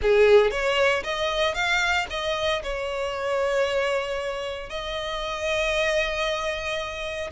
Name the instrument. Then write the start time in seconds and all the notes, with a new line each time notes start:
violin
0.01 G#4
0.51 C#5
1.03 D#5
1.54 F5
2.10 D#5
2.63 C#5
4.69 D#5